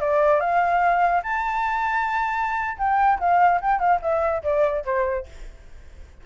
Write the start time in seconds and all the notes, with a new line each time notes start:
0.00 D5
0.40 F5
1.23 A5
2.78 G5
3.19 F5
3.61 G5
3.79 F5
4.01 E5
4.43 D5
4.85 C5